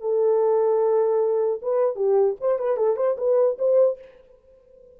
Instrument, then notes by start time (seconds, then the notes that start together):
horn
0.00 A4
1.61 B4
1.95 G4
2.40 C5
2.58 B4
2.76 A4
2.96 C5
3.17 B4
3.58 C5